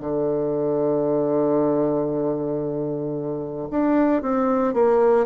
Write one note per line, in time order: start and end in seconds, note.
0.00 3.68 D3
3.70 4.22 D4
4.22 4.74 C4
4.74 5.26 A#3